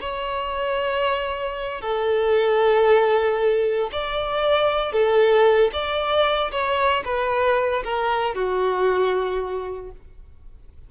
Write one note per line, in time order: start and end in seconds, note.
0.00 1.81 C#5
1.81 3.90 A4
3.92 4.92 D5
4.92 5.70 A4
5.72 6.51 D5
6.51 7.03 C#5
7.05 7.83 B4
7.84 8.34 A#4
8.34 9.91 F#4